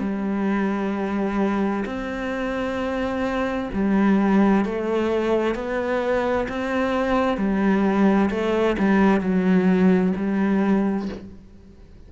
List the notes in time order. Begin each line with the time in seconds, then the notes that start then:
0.00 G3
1.85 C4
3.73 G3
4.65 A3
5.55 B3
6.49 C4
7.38 G3
8.30 A3
8.79 G3
9.21 F#3
10.17 G3